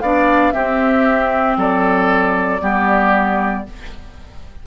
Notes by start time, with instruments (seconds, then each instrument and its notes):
0.00 bassoon B3, clarinet D4, oboe D5, flute F5
0.52 clarinet C4, bassoon C4, oboe G4, flute E5
1.57 bassoon F#3, oboe A4, flute D5
2.60 bassoon G3, clarinet B3, oboe G4